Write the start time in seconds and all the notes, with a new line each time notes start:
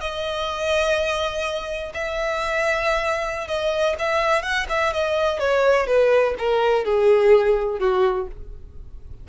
0.00 D#5
1.93 E5
3.47 D#5
3.98 E5
4.42 F#5
4.69 E5
4.93 D#5
5.39 C#5
5.86 B4
6.38 A#4
6.84 G#4
7.79 F#4